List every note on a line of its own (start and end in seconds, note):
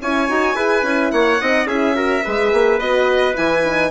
0.00 0.28 C#4
0.00 0.28 E4
0.00 0.55 C#5
0.00 1.11 G#5
0.28 0.54 D#4
0.28 0.55 F#4
0.54 0.82 E4
0.54 0.83 G#4
0.54 1.11 B4
0.83 1.11 C#4
0.83 1.39 E4
1.11 1.40 A#3
1.11 1.40 C#5
1.11 1.67 F#5
1.40 1.65 C4
1.40 1.68 D#4
1.40 1.67 D#5
1.65 2.21 C#4
1.65 1.94 E4
1.65 1.95 G#4
1.65 2.79 E5
1.94 2.22 F#4
1.94 2.23 A#4
2.24 2.52 G#3
2.24 2.81 G#4
2.24 3.90 B4
2.52 2.79 A#3
2.79 3.35 B3
2.79 3.34 F#4
2.79 3.35 D#5
3.34 3.90 E3
3.34 3.62 E4
3.34 3.90 G#5
3.64 3.90 D#4